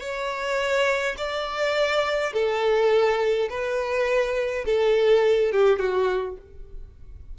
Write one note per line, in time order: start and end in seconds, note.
0.00 1.15 C#5
1.17 2.33 D5
2.33 3.48 A4
3.49 4.65 B4
4.65 5.51 A4
5.51 5.79 G4
5.79 6.36 F#4